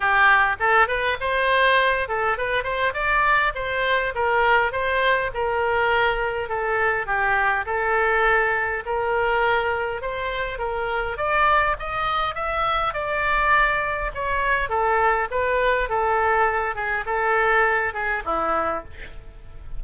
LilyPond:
\new Staff \with { instrumentName = "oboe" } { \time 4/4 \tempo 4 = 102 g'4 a'8 b'8 c''4. a'8 | b'8 c''8 d''4 c''4 ais'4 | c''4 ais'2 a'4 | g'4 a'2 ais'4~ |
ais'4 c''4 ais'4 d''4 | dis''4 e''4 d''2 | cis''4 a'4 b'4 a'4~ | a'8 gis'8 a'4. gis'8 e'4 | }